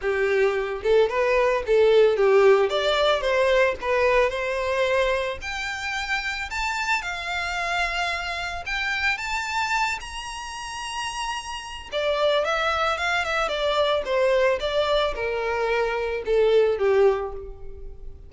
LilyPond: \new Staff \with { instrumentName = "violin" } { \time 4/4 \tempo 4 = 111 g'4. a'8 b'4 a'4 | g'4 d''4 c''4 b'4 | c''2 g''2 | a''4 f''2. |
g''4 a''4. ais''4.~ | ais''2 d''4 e''4 | f''8 e''8 d''4 c''4 d''4 | ais'2 a'4 g'4 | }